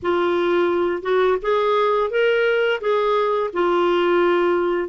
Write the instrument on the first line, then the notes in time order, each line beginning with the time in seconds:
clarinet
0.02 F4
1.02 F#4
1.41 G#4
2.10 A#4
2.80 G#4
3.53 F4